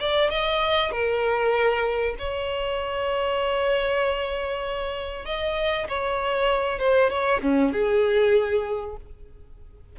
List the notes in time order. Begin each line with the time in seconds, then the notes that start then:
0.00 D5
0.30 D#5
0.92 A#4
2.19 C#5
5.26 D#5
5.89 C#5
6.79 C5
7.10 C#5
7.42 C#4
7.73 G#4